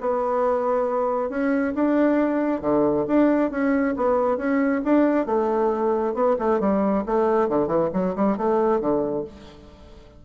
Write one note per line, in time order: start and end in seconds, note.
0.00 1.29 B3
1.29 1.73 C#4
1.75 2.61 D4
2.61 3.05 D3
3.07 3.50 D4
3.50 3.94 C#4
3.96 4.37 B3
4.37 4.81 C#4
4.84 5.26 D4
5.26 6.14 A3
6.14 6.36 B3
6.39 6.60 A3
6.60 7.04 G3
7.05 7.49 A3
7.49 7.67 D3
7.67 7.89 E3
7.93 8.15 F#3
8.15 8.37 G3
8.37 8.80 A3
8.80 9.24 D3